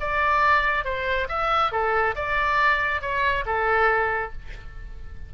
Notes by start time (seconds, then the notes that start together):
0.00 D5
0.84 C5
1.28 E5
1.72 A4
2.15 D5
3.01 C#5
3.46 A4